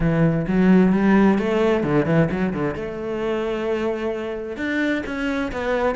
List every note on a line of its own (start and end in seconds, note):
0.00 0.46 E3
0.47 0.92 F#3
0.92 1.38 G3
1.38 1.83 A3
1.83 2.05 D3
2.05 2.28 E3
2.31 2.53 F#3
2.53 2.75 D3
2.75 4.57 A3
4.57 5.02 D4
5.05 5.51 C#4
5.52 5.95 B3